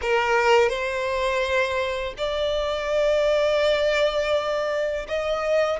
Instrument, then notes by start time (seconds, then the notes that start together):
violin
0.01 A#4
0.69 C5
2.17 D5
5.08 D#5